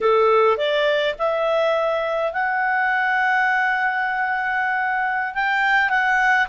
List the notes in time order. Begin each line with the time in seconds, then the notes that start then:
0.00 A4
0.57 D5
1.18 E5
2.32 F#5
5.34 G5
5.89 F#5